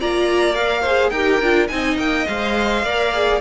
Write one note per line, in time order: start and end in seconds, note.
0.00 1.11 A#3
0.00 0.55 F4
0.00 0.82 D5
0.00 0.55 A#5
0.55 0.84 A#4
0.55 1.10 F5
0.82 1.14 G#4
0.82 1.10 C5
1.10 1.39 D#4
1.10 1.42 G4
1.10 1.69 A#4
1.10 1.67 G5
1.40 1.69 D4
1.40 1.69 F4
1.68 1.97 C4
1.68 2.26 D#4
1.68 2.85 D#5
1.68 1.97 G#5
1.97 2.26 A#3
1.97 2.27 G5
2.27 2.84 G#3
2.27 2.85 C5
2.27 3.41 F5
2.84 3.41 A#3
2.84 3.13 A#4
2.84 3.41 D5
3.13 3.41 G#4